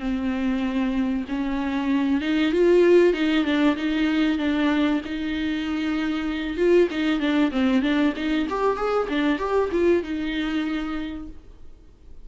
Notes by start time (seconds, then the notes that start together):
0.00 C4
1.29 C#4
2.22 D#4
2.53 F4
3.14 D#4
3.45 D4
3.77 D#4
4.39 D4
5.05 D#4
6.57 F4
6.91 D#4
7.20 D4
7.52 C4
7.82 D4
8.16 D#4
8.50 G4
8.77 G#4
9.09 D4
9.39 G4
9.72 F4
10.04 D#4